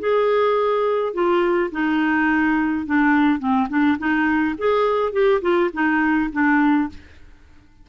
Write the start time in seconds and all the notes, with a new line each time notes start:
0.00 G#4
1.14 F4
1.72 D#4
2.86 D4
3.40 C4
3.70 D4
3.99 D#4
4.58 G#4
5.13 G4
5.42 F4
5.74 D#4
6.33 D4